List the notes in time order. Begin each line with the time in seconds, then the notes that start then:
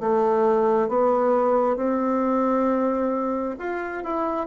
0.00 A3
0.89 B3
1.77 C4
3.59 F4
4.04 E4